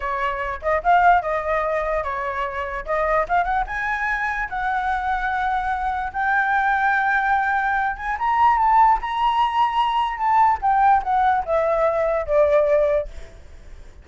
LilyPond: \new Staff \with { instrumentName = "flute" } { \time 4/4 \tempo 4 = 147 cis''4. dis''8 f''4 dis''4~ | dis''4 cis''2 dis''4 | f''8 fis''8 gis''2 fis''4~ | fis''2. g''4~ |
g''2.~ g''8 gis''8 | ais''4 a''4 ais''2~ | ais''4 a''4 g''4 fis''4 | e''2 d''2 | }